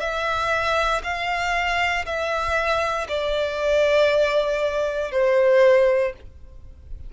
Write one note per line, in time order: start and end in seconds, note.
0.00 1.02 E5
1.04 2.05 F5
2.06 3.07 E5
3.08 5.11 D5
5.11 6.13 C5